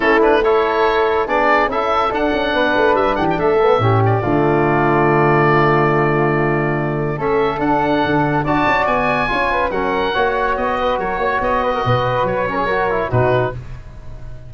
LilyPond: <<
  \new Staff \with { instrumentName = "oboe" } { \time 4/4 \tempo 4 = 142 a'8 b'8 cis''2 d''4 | e''4 fis''2 e''8 fis''16 g''16 | e''4. d''2~ d''8~ | d''1~ |
d''4 e''4 fis''2 | a''4 gis''2 fis''4~ | fis''4 dis''4 cis''4 dis''4~ | dis''4 cis''2 b'4 | }
  \new Staff \with { instrumentName = "flute" } { \time 4/4 e'4 a'2 gis'4 | a'2 b'4. g'8 | a'4 g'4 f'2~ | f'1~ |
f'4 a'2. | d''2 cis''8 b'8 ais'4 | cis''4. b'8 ais'8 cis''4 b'16 ais'16 | b'4. ais'16 gis'16 ais'4 fis'4 | }
  \new Staff \with { instrumentName = "trombone" } { \time 4/4 cis'8 d'8 e'2 d'4 | e'4 d'2.~ | d'8 b8 cis'4 a2~ | a1~ |
a4 cis'4 d'2 | fis'2 f'4 cis'4 | fis'1~ | fis'4. cis'8 fis'8 e'8 dis'4 | }
  \new Staff \with { instrumentName = "tuba" } { \time 4/4 a2. b4 | cis'4 d'8 cis'8 b8 a8 g8 e8 | a4 a,4 d2~ | d1~ |
d4 a4 d'4 d4 | d'8 cis'8 b4 cis'4 fis4 | ais4 b4 fis8 ais8 b4 | b,4 fis2 b,4 | }
>>